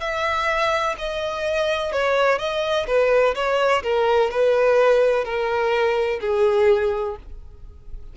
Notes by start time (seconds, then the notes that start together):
0.00 E5
0.98 D#5
1.92 C#5
2.39 D#5
2.87 B4
3.35 C#5
3.83 A#4
4.30 B4
5.24 A#4
6.20 G#4